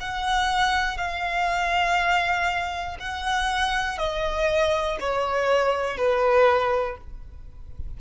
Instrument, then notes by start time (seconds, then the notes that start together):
violin
0.00 F#5
0.97 F5
3.00 F#5
3.98 D#5
5.00 C#5
5.97 B4